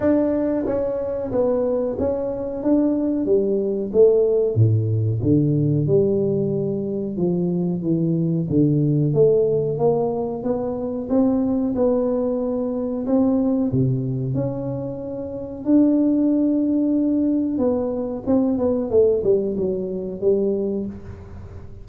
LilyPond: \new Staff \with { instrumentName = "tuba" } { \time 4/4 \tempo 4 = 92 d'4 cis'4 b4 cis'4 | d'4 g4 a4 a,4 | d4 g2 f4 | e4 d4 a4 ais4 |
b4 c'4 b2 | c'4 c4 cis'2 | d'2. b4 | c'8 b8 a8 g8 fis4 g4 | }